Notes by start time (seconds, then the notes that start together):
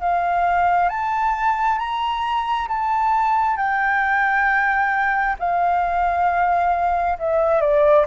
0.00 F5
0.89 A5
1.78 A#5
2.68 A5
3.56 G5
5.39 F5
7.18 E5
7.60 D5